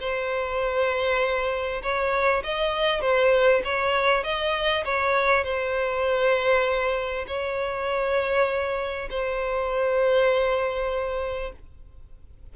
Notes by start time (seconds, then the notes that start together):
0.00 C5
1.82 C#5
2.43 D#5
3.01 C5
3.64 C#5
4.23 D#5
4.85 C#5
5.44 C5
7.27 C#5
9.10 C5